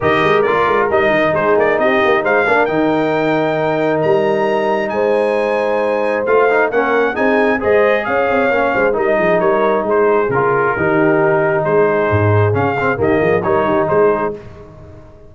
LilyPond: <<
  \new Staff \with { instrumentName = "trumpet" } { \time 4/4 \tempo 4 = 134 dis''4 d''4 dis''4 c''8 d''8 | dis''4 f''4 g''2~ | g''4 ais''2 gis''4~ | gis''2 f''4 fis''4 |
gis''4 dis''4 f''2 | dis''4 cis''4 c''4 ais'4~ | ais'2 c''2 | f''4 dis''4 cis''4 c''4 | }
  \new Staff \with { instrumentName = "horn" } { \time 4/4 ais'2. gis'4 | g'4 c''8 ais'2~ ais'8~ | ais'2. c''4~ | c''2. ais'4 |
gis'4 c''4 cis''4. c''8 | ais'8 gis'8 ais'4 gis'2 | g'2 gis'2~ | gis'4 g'8 gis'8 ais'8 g'8 gis'4 | }
  \new Staff \with { instrumentName = "trombone" } { \time 4/4 g'4 f'4 dis'2~ | dis'4. d'8 dis'2~ | dis'1~ | dis'2 f'8 dis'8 cis'4 |
dis'4 gis'2 cis'4 | dis'2. f'4 | dis'1 | cis'8 c'8 ais4 dis'2 | }
  \new Staff \with { instrumentName = "tuba" } { \time 4/4 dis8 gis8 ais8 gis8 g8 dis8 gis8 ais8 | c'8 ais8 gis8 ais8 dis2~ | dis4 g2 gis4~ | gis2 a4 ais4 |
c'4 gis4 cis'8 c'8 ais8 gis8 | g8 f8 g4 gis4 cis4 | dis2 gis4 gis,4 | cis4 dis8 f8 g8 dis8 gis4 | }
>>